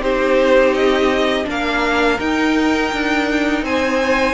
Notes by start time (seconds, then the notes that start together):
0.00 C4 D#4 G4 C5
0.74 D#5
1.45 A#3 D4 A#4
1.51 F5
2.19 D#4 G5
2.92 D4
3.62 C4 C5 G#5